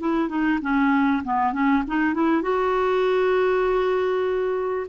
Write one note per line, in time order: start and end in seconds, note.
0.00 0.29 E4
0.29 0.60 D#4
0.62 1.23 C#4
1.24 1.53 B3
1.53 1.83 C#4
1.87 2.14 D#4
2.14 2.42 E4
2.42 4.87 F#4